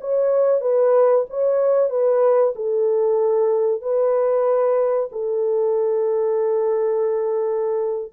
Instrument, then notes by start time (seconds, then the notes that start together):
horn
0.00 C#5
0.61 B4
1.29 C#5
1.89 B4
2.55 A4
3.82 B4
5.11 A4